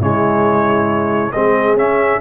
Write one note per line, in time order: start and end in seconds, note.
0.00 1.33 C#3
0.00 1.32 G#3
0.00 1.33 E4
0.00 1.32 C#5
1.32 1.74 G#3
1.32 1.77 C4
1.32 2.21 G#4
1.32 1.76 D#5
1.74 2.18 C#4
1.74 2.21 C#4
1.74 2.21 E5